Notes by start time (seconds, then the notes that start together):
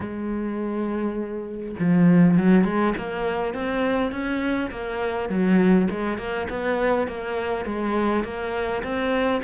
0.00 G#3
1.79 F3
2.37 F#3
2.64 G#3
2.97 A#3
3.54 C4
4.11 C#4
4.71 A#3
5.29 F#3
5.90 G#3
6.18 A#3
6.49 B3
7.07 A#3
7.65 G#3
8.24 A#3
8.83 C4